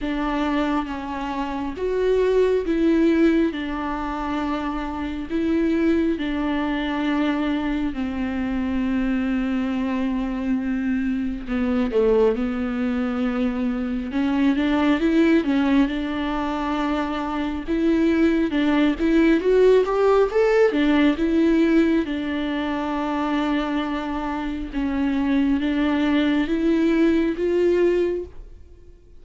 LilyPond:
\new Staff \with { instrumentName = "viola" } { \time 4/4 \tempo 4 = 68 d'4 cis'4 fis'4 e'4 | d'2 e'4 d'4~ | d'4 c'2.~ | c'4 b8 a8 b2 |
cis'8 d'8 e'8 cis'8 d'2 | e'4 d'8 e'8 fis'8 g'8 a'8 d'8 | e'4 d'2. | cis'4 d'4 e'4 f'4 | }